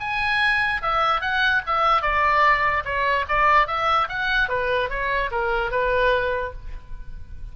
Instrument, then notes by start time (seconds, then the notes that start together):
oboe
0.00 G#5
0.82 E5
1.21 F#5
1.66 E5
2.02 D5
2.85 C#5
3.28 D5
3.67 E5
4.09 F#5
4.49 B4
4.90 C#5
5.31 A#4
5.71 B4